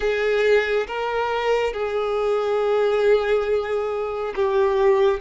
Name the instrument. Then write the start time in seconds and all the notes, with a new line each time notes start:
violin
0.00 G#4
0.87 A#4
1.73 G#4
4.35 G4